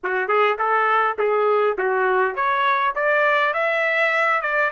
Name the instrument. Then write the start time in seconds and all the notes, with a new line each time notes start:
trumpet
0.03 F#4
0.28 G#4
0.58 A4
1.18 G#4
1.78 F#4
2.35 C#5
2.95 D5
3.53 E5
4.41 D5